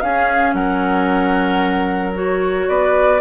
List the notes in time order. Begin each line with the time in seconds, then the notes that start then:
0.00 C#4 G#4 F5
0.53 F#3 A#4 F#5
2.14 F#4 C#5
2.68 B3 B4 D5